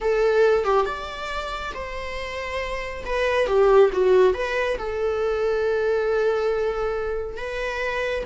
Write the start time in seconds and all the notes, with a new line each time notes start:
0.00 A4
0.64 G4
0.85 D5
1.74 C5
3.05 B4
3.47 G4
3.92 F#4
4.34 B4
4.77 A4
7.37 B4